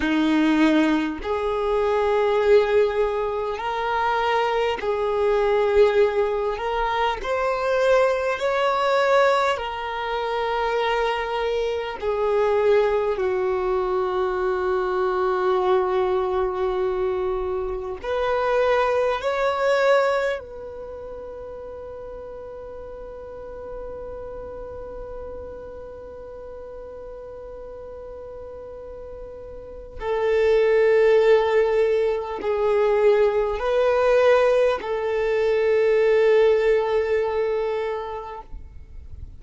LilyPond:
\new Staff \with { instrumentName = "violin" } { \time 4/4 \tempo 4 = 50 dis'4 gis'2 ais'4 | gis'4. ais'8 c''4 cis''4 | ais'2 gis'4 fis'4~ | fis'2. b'4 |
cis''4 b'2.~ | b'1~ | b'4 a'2 gis'4 | b'4 a'2. | }